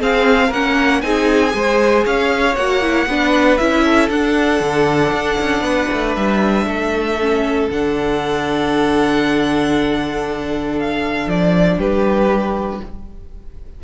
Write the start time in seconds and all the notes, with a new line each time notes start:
0.00 C4 G#4 F5
0.48 A#3 A#4 F#5
0.54 C#4
1.02 C4 D#4 G#4 G#5
1.50 G#3 G#4
1.56 C5
2.05 C#4 C#5 F5
2.56 A#3 F#4 F#5
2.82 E4
3.07 B3 D4 B4
3.58 C#4 E4 E5
3.84 A4
4.10 D4 F#5
4.60 D3
5.13 D4
5.40 C#4
5.61 B3 B4
5.93 A3
6.16 G3 E5
6.66 A3 A4
7.21 C#4
7.71 D3 D4 F#5
10.80 F5
11.27 F3 D5
11.77 G3 G4 B4